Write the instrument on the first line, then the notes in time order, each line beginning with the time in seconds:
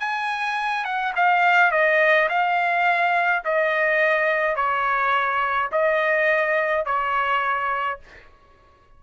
trumpet
0.00 G#5
0.85 F#5
1.16 F5
1.72 D#5
2.29 F5
3.45 D#5
4.56 C#5
5.72 D#5
6.85 C#5